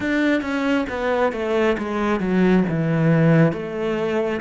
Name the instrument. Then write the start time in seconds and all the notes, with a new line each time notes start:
cello
0.00 D4
0.41 C#4
0.89 B3
1.32 A3
1.78 G#3
2.20 F#3
2.69 E3
3.52 A3